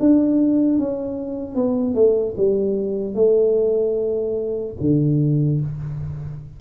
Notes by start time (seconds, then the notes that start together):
0.00 D4
0.79 C#4
1.55 B3
1.95 A3
2.37 G3
3.15 A3
4.80 D3